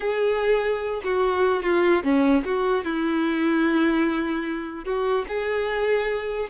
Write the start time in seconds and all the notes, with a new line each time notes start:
0.00 G#4
1.03 F#4
1.62 F4
2.03 C#4
2.44 F#4
2.84 E4
4.84 F#4
5.28 G#4